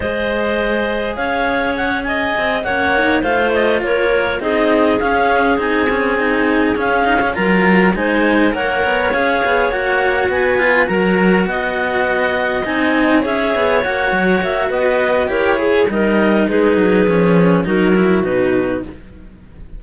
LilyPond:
<<
  \new Staff \with { instrumentName = "clarinet" } { \time 4/4 \tempo 4 = 102 dis''2 f''4 fis''8 gis''8~ | gis''8 fis''4 f''8 dis''8 cis''4 dis''8~ | dis''8 f''4 gis''2 f''8~ | f''8 ais''4 gis''4 fis''4 f''8~ |
f''8 fis''4 gis''4 ais''4 fis''8~ | fis''4. gis''4 e''4 fis''8~ | fis''8 e''8 dis''4 cis''4 dis''4 | b'2 ais'4 b'4 | }
  \new Staff \with { instrumentName = "clarinet" } { \time 4/4 c''2 cis''4. dis''8~ | dis''8 cis''4 c''4 ais'4 gis'8~ | gis'1~ | gis'8 ais'4 c''4 cis''4.~ |
cis''4. b'4 ais'4 dis''8~ | dis''2~ dis''8 cis''4.~ | cis''4 b'4 ais'8 gis'8 ais'4 | gis'2 fis'2 | }
  \new Staff \with { instrumentName = "cello" } { \time 4/4 gis'1~ | gis'8 cis'8 dis'8 f'2 dis'8~ | dis'8 cis'4 dis'8 cis'8 dis'4 cis'8 | dis'16 cis'16 f'4 dis'4 ais'4 gis'8~ |
gis'8 fis'4. f'8 fis'4.~ | fis'4. dis'4 gis'4 fis'8~ | fis'2 g'8 gis'8 dis'4~ | dis'4 cis'4 dis'8 e'8 dis'4 | }
  \new Staff \with { instrumentName = "cello" } { \time 4/4 gis2 cis'2 | c'8 ais4 a4 ais4 c'8~ | c'8 cis'4 c'2 cis'8~ | cis'8 fis4 gis4 ais8 b8 cis'8 |
b8 ais4 b4 fis4 b8~ | b4. c'4 cis'8 b8 ais8 | fis8 ais8 b4 e'4 g4 | gis8 fis8 f4 fis4 b,4 | }
>>